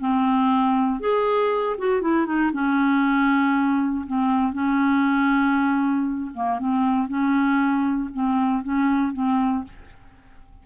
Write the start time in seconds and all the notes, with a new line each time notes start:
0.00 C4
1.00 G#4
1.78 F#4
2.01 E4
2.26 D#4
2.53 C#4
4.06 C4
4.53 C#4
6.34 A#3
6.59 C4
7.08 C#4
8.14 C4
8.63 C#4
9.13 C4